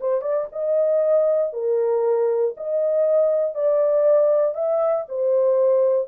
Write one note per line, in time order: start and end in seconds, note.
0.00 0.21 C5
0.21 0.46 D5
0.52 1.53 D#5
1.53 2.54 A#4
2.57 3.54 D#5
3.54 4.54 D5
4.54 5.05 E5
5.08 6.08 C5